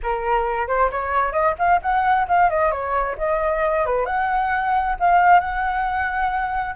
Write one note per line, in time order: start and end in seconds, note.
0.02 0.67 A#4
0.67 0.90 C5
0.91 1.32 C#5
1.32 1.55 D#5
1.58 1.80 F5
1.82 2.27 F#5
2.28 2.50 F5
2.50 2.71 D#5
2.71 3.16 C#5
3.18 3.85 D#5
3.85 4.05 B4
4.05 4.95 F#5
4.99 5.40 F5
5.40 6.75 F#5